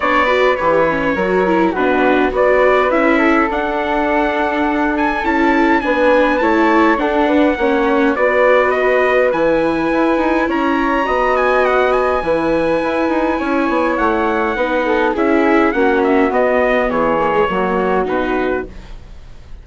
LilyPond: <<
  \new Staff \with { instrumentName = "trumpet" } { \time 4/4 \tempo 4 = 103 d''4 cis''2 b'4 | d''4 e''4 fis''2~ | fis''8 gis''8 a''4 gis''4 a''4 | fis''2 d''4 dis''4 |
gis''2 ais''4. gis''8 | fis''8 gis''2.~ gis''8 | fis''2 e''4 fis''8 e''8 | dis''4 cis''2 b'4 | }
  \new Staff \with { instrumentName = "flute" } { \time 4/4 cis''8 b'4. ais'4 fis'4 | b'4. a'2~ a'8~ | a'2 b'4 cis''4 | a'8 b'8 cis''4 b'2~ |
b'2 cis''4 dis''4~ | dis''4 b'2 cis''4~ | cis''4 b'8 a'8 gis'4 fis'4~ | fis'4 gis'4 fis'2 | }
  \new Staff \with { instrumentName = "viola" } { \time 4/4 d'8 fis'8 g'8 cis'8 fis'8 e'8 d'4 | fis'4 e'4 d'2~ | d'4 e'4 d'4 e'4 | d'4 cis'4 fis'2 |
e'2. fis'4~ | fis'4 e'2.~ | e'4 dis'4 e'4 cis'4 | b4. ais16 gis16 ais4 dis'4 | }
  \new Staff \with { instrumentName = "bassoon" } { \time 4/4 b4 e4 fis4 b,4 | b4 cis'4 d'2~ | d'4 cis'4 b4 a4 | d'4 ais4 b2 |
e4 e'8 dis'8 cis'4 b4~ | b4 e4 e'8 dis'8 cis'8 b8 | a4 b4 cis'4 ais4 | b4 e4 fis4 b,4 | }
>>